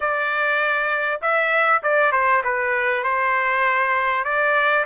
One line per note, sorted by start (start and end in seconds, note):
0.00 1.20 D5
1.21 1.82 E5
1.82 2.12 D5
2.12 2.42 C5
2.44 3.03 B4
3.03 4.24 C5
4.24 4.85 D5